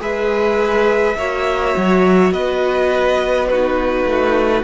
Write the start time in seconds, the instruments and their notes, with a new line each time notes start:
0.00 cello G#3, viola G#4, violin B4 E5
1.17 cello A#3, viola F#4, violin C#5
1.77 cello F#3
2.31 cello B3, violin B4 D#5
3.48 viola D#4, violin F#4 B4
4.06 cello A3